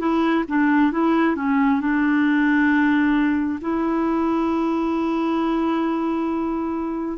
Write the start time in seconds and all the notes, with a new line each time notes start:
0.00 E4
0.49 D4
0.92 E4
1.36 C#4
1.81 D4
3.62 E4